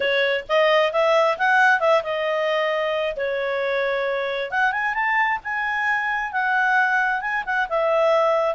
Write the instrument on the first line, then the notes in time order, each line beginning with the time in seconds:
clarinet
0.00 C#5
0.48 D#5
0.92 E5
1.38 F#5
1.80 E5
2.03 D#5
3.16 C#5
4.51 F#5
4.72 G#5
4.94 A5
5.44 G#5
6.32 F#5
7.21 G#5
7.45 F#5
7.69 E5